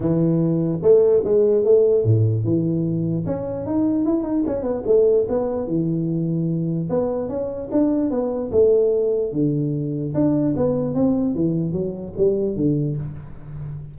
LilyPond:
\new Staff \with { instrumentName = "tuba" } { \time 4/4 \tempo 4 = 148 e2 a4 gis4 | a4 a,4 e2 | cis'4 dis'4 e'8 dis'8 cis'8 b8 | a4 b4 e2~ |
e4 b4 cis'4 d'4 | b4 a2 d4~ | d4 d'4 b4 c'4 | e4 fis4 g4 d4 | }